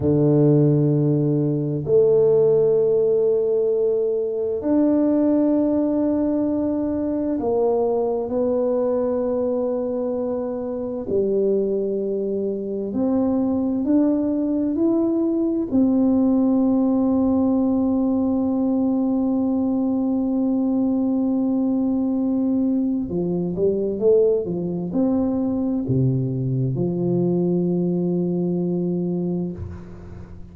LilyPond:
\new Staff \with { instrumentName = "tuba" } { \time 4/4 \tempo 4 = 65 d2 a2~ | a4 d'2. | ais4 b2. | g2 c'4 d'4 |
e'4 c'2.~ | c'1~ | c'4 f8 g8 a8 f8 c'4 | c4 f2. | }